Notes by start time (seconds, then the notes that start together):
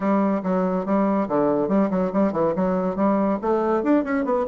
0.00 G3
0.43 F#3
0.85 G3
1.28 D3
1.68 G3
1.90 F#3
2.12 G3
2.32 E3
2.55 F#3
2.96 G3
3.41 A3
3.83 D4
4.04 C#4
4.24 B3